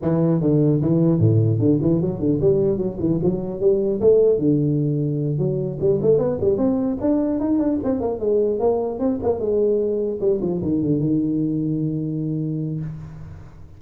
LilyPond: \new Staff \with { instrumentName = "tuba" } { \time 4/4 \tempo 4 = 150 e4 d4 e4 a,4 | d8 e8 fis8 d8 g4 fis8 e8 | fis4 g4 a4 d4~ | d4. fis4 g8 a8 b8 |
g8 c'4 d'4 dis'8 d'8 c'8 | ais8 gis4 ais4 c'8 ais8 gis8~ | gis4. g8 f8 dis8 d8 dis8~ | dis1 | }